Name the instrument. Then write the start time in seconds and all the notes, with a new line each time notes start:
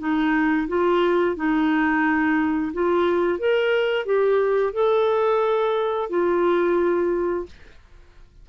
clarinet
0.00 D#4
0.68 F4
1.37 D#4
2.74 F4
3.39 A#4
4.06 G4
4.74 A4
6.10 F4